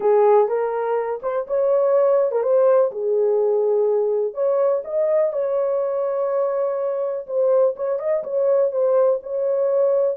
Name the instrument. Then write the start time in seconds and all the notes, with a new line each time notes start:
horn
0.00 G#4
0.48 A#4
1.22 C5
1.47 C#5
2.31 A#4
2.43 C5
2.91 G#4
4.34 C#5
4.84 D#5
5.32 C#5
7.26 C5
7.76 C#5
7.99 D#5
8.23 C#5
8.71 C5
9.22 C#5